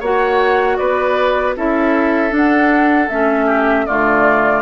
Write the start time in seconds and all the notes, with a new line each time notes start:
0.00 A#3 F#4 C#5 F#5
0.77 B3 B4 D5
1.56 C#4 E4 A4 E5
2.30 D4 F#5
3.09 A3 C#4 E5
3.46 G4
3.86 D3 A3 F4 D5